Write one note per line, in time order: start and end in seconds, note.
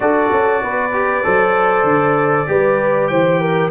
0.00 0.31 D4
0.00 0.91 F#4
0.00 0.63 A4
0.00 3.07 D5
0.32 0.62 C#4
0.62 1.24 B3
0.62 1.24 B4
0.92 1.23 G4
1.23 1.83 F#3
1.23 2.47 A4
1.23 2.48 C5
1.83 2.45 D3
2.47 3.10 G3
2.47 3.70 G4
2.47 3.10 B4
3.07 3.71 E3
3.07 3.40 C5
3.07 3.69 G5
3.40 3.71 A#4